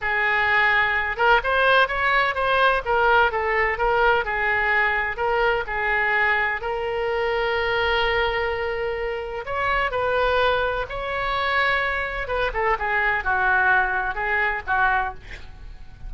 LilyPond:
\new Staff \with { instrumentName = "oboe" } { \time 4/4 \tempo 4 = 127 gis'2~ gis'8 ais'8 c''4 | cis''4 c''4 ais'4 a'4 | ais'4 gis'2 ais'4 | gis'2 ais'2~ |
ais'1 | cis''4 b'2 cis''4~ | cis''2 b'8 a'8 gis'4 | fis'2 gis'4 fis'4 | }